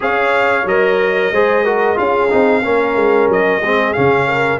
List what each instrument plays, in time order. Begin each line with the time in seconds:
0.00 tuba C#4, trombone G#4, horn C#5, trumpet F5
0.65 tuba F#3, trombone A#4, trumpet D#5
1.31 tuba G#3, trombone G#4, horn C5
1.64 trombone F#4, horn A#4
1.96 tuba C#4, trombone F4, horn G#4, trumpet F5
2.30 tuba C4, trombone D#4
2.62 tuba A#3, trombone C#4, horn A#4
2.95 tuba G#3
3.28 tuba F#3, trumpet D#5
3.60 tuba G#3, trombone C4, horn G#4
3.93 tuba C#3, trombone C#4, trumpet F5
4.27 horn A#4